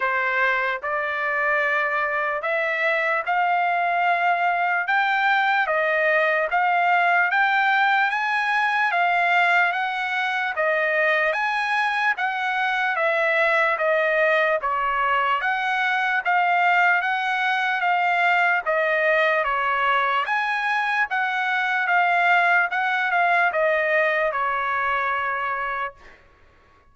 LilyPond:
\new Staff \with { instrumentName = "trumpet" } { \time 4/4 \tempo 4 = 74 c''4 d''2 e''4 | f''2 g''4 dis''4 | f''4 g''4 gis''4 f''4 | fis''4 dis''4 gis''4 fis''4 |
e''4 dis''4 cis''4 fis''4 | f''4 fis''4 f''4 dis''4 | cis''4 gis''4 fis''4 f''4 | fis''8 f''8 dis''4 cis''2 | }